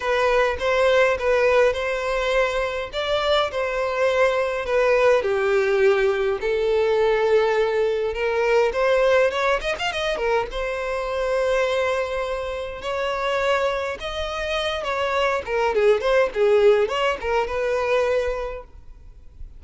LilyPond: \new Staff \with { instrumentName = "violin" } { \time 4/4 \tempo 4 = 103 b'4 c''4 b'4 c''4~ | c''4 d''4 c''2 | b'4 g'2 a'4~ | a'2 ais'4 c''4 |
cis''8 dis''16 f''16 dis''8 ais'8 c''2~ | c''2 cis''2 | dis''4. cis''4 ais'8 gis'8 c''8 | gis'4 cis''8 ais'8 b'2 | }